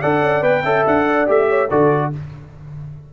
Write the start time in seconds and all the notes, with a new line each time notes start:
0.00 D4 A4 D5 F#5
0.22 C#4
0.42 B3 B4 G5
0.63 C#4 A4 E5
0.87 D4 F#5
1.06 D5
1.27 A3 G4 E5
1.49 C#5
1.70 D3 F#4 A4 D5